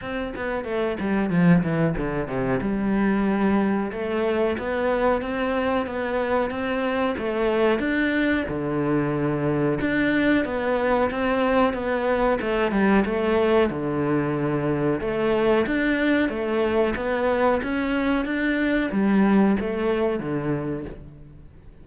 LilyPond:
\new Staff \with { instrumentName = "cello" } { \time 4/4 \tempo 4 = 92 c'8 b8 a8 g8 f8 e8 d8 c8 | g2 a4 b4 | c'4 b4 c'4 a4 | d'4 d2 d'4 |
b4 c'4 b4 a8 g8 | a4 d2 a4 | d'4 a4 b4 cis'4 | d'4 g4 a4 d4 | }